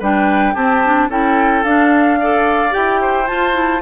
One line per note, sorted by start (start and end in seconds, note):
0.00 0.55 G3
0.00 0.56 D4
0.00 0.54 B4
0.00 0.55 G5
0.54 1.09 C4
0.54 0.83 C4
0.54 1.08 G4
0.54 1.09 A5
0.85 1.10 D4
1.09 1.63 C#4
1.09 1.65 E4
1.09 2.19 A4
1.09 1.64 G5
1.64 2.73 D4
1.64 2.21 D4
1.64 2.73 F5
2.20 2.70 A4
2.20 3.01 D5
2.70 3.30 E4
2.70 3.25 G4
2.70 3.27 G5
3.01 3.82 C5
3.27 3.52 F4
3.27 3.82 F4
3.27 3.82 A5
3.52 3.80 E4